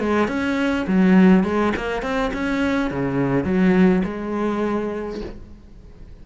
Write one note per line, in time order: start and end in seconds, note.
0.00 0.28 G#3
0.28 0.86 C#4
0.87 1.44 F#3
1.44 1.73 G#3
1.76 2.02 A#3
2.02 2.31 C4
2.34 2.90 C#4
2.90 3.44 C#3
3.44 4.03 F#3
4.04 5.21 G#3